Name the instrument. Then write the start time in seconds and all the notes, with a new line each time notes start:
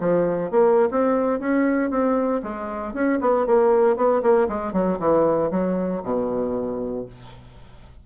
bassoon
0.00 F3
0.51 A#3
0.91 C4
1.40 C#4
1.90 C4
2.43 G#3
2.93 C#4
3.21 B3
3.46 A#3
3.96 B3
4.22 A#3
4.48 G#3
4.73 F#3
4.99 E3
5.51 F#3
6.03 B2